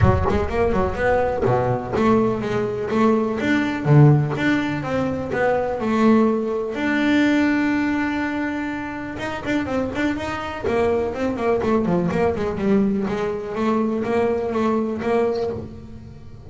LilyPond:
\new Staff \with { instrumentName = "double bass" } { \time 4/4 \tempo 4 = 124 fis8 gis8 ais8 fis8 b4 b,4 | a4 gis4 a4 d'4 | d4 d'4 c'4 b4 | a2 d'2~ |
d'2. dis'8 d'8 | c'8 d'8 dis'4 ais4 c'8 ais8 | a8 f8 ais8 gis8 g4 gis4 | a4 ais4 a4 ais4 | }